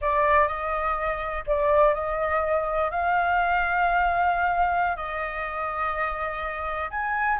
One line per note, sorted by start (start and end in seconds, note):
0.01 0.47 D5
0.47 1.44 D#5
1.46 1.94 D5
1.94 2.90 D#5
2.90 4.96 F5
4.96 6.90 D#5
6.90 7.38 G#5